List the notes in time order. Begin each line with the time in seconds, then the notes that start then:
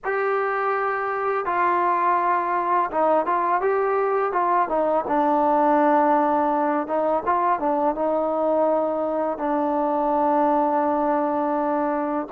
0.04 G4
1.45 F4
2.91 D#4
3.26 F4
3.61 G4
4.32 F4
4.68 D#4
5.07 D4
6.87 D#4
7.25 F4
7.59 D4
7.95 D#4
9.38 D4